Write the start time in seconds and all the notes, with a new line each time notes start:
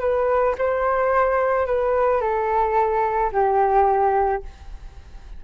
0.00 B4
0.58 C5
1.66 B4
2.21 A4
3.32 G4